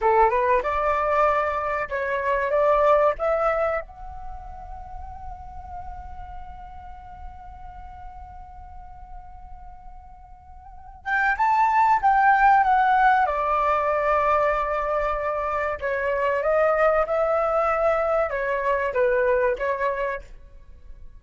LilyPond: \new Staff \with { instrumentName = "flute" } { \time 4/4 \tempo 4 = 95 a'8 b'8 d''2 cis''4 | d''4 e''4 fis''2~ | fis''1~ | fis''1~ |
fis''4. g''8 a''4 g''4 | fis''4 d''2.~ | d''4 cis''4 dis''4 e''4~ | e''4 cis''4 b'4 cis''4 | }